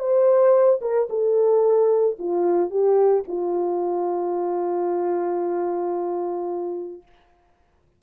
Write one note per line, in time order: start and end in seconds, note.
0.00 0.80 C5
0.82 1.09 A#4
1.10 2.17 A4
2.19 2.71 F4
2.71 3.24 G4
3.28 7.03 F4